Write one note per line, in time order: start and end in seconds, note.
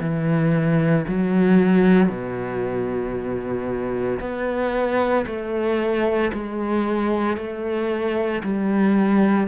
0.00 1.05 E3
1.08 2.09 F#3
2.09 4.20 B2
4.20 5.25 B3
5.26 6.32 A3
6.33 7.37 G#3
7.37 8.43 A3
8.44 9.48 G3